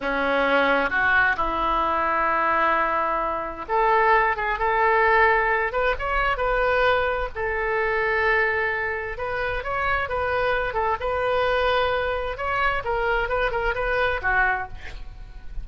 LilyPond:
\new Staff \with { instrumentName = "oboe" } { \time 4/4 \tempo 4 = 131 cis'2 fis'4 e'4~ | e'1 | a'4. gis'8 a'2~ | a'8 b'8 cis''4 b'2 |
a'1 | b'4 cis''4 b'4. a'8 | b'2. cis''4 | ais'4 b'8 ais'8 b'4 fis'4 | }